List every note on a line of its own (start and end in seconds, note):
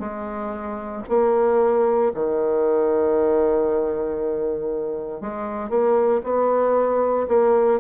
0.00 1.03 G#3
1.09 2.13 A#3
2.15 5.21 D#3
5.21 5.70 G#3
5.70 6.22 A#3
6.24 7.27 B3
7.28 7.80 A#3